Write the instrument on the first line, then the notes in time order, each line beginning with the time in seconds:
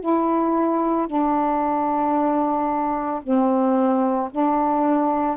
saxophone
0.00 E4
1.07 D4
3.22 C4
4.31 D4